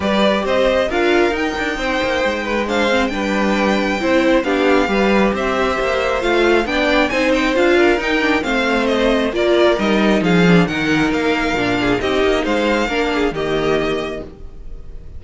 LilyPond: <<
  \new Staff \with { instrumentName = "violin" } { \time 4/4 \tempo 4 = 135 d''4 dis''4 f''4 g''4~ | g''2 f''4 g''4~ | g''2 f''2 | e''2 f''4 g''4 |
gis''8 g''8 f''4 g''4 f''4 | dis''4 d''4 dis''4 f''4 | fis''4 f''2 dis''4 | f''2 dis''2 | }
  \new Staff \with { instrumentName = "violin" } { \time 4/4 b'4 c''4 ais'2 | c''4. b'8 c''4 b'4~ | b'4 c''4 g'4 b'4 | c''2. d''4 |
c''4. ais'4. c''4~ | c''4 ais'2 gis'4 | ais'2~ ais'8 gis'8 g'4 | c''4 ais'8 gis'8 g'2 | }
  \new Staff \with { instrumentName = "viola" } { \time 4/4 g'2 f'4 dis'4~ | dis'2 d'8 c'8 d'4~ | d'4 e'4 d'4 g'4~ | g'2 f'4 d'4 |
dis'4 f'4 dis'8 d'8 c'4~ | c'4 f'4 dis'4. d'8 | dis'2 d'4 dis'4~ | dis'4 d'4 ais2 | }
  \new Staff \with { instrumentName = "cello" } { \time 4/4 g4 c'4 d'4 dis'8 d'8 | c'8 ais8 gis2 g4~ | g4 c'4 b4 g4 | c'4 ais4 a4 b4 |
c'4 d'4 dis'4 a4~ | a4 ais4 g4 f4 | dis4 ais4 ais,4 c'8 ais8 | gis4 ais4 dis2 | }
>>